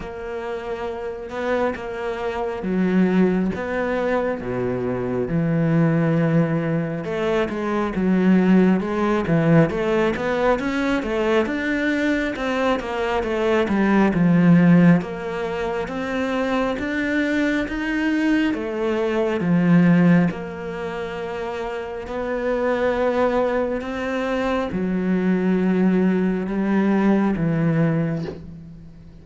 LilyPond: \new Staff \with { instrumentName = "cello" } { \time 4/4 \tempo 4 = 68 ais4. b8 ais4 fis4 | b4 b,4 e2 | a8 gis8 fis4 gis8 e8 a8 b8 | cis'8 a8 d'4 c'8 ais8 a8 g8 |
f4 ais4 c'4 d'4 | dis'4 a4 f4 ais4~ | ais4 b2 c'4 | fis2 g4 e4 | }